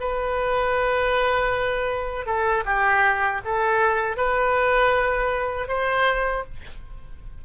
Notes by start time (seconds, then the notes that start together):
0.00 B4
2.26 A4
2.65 G4
3.45 A4
4.16 B4
5.68 C5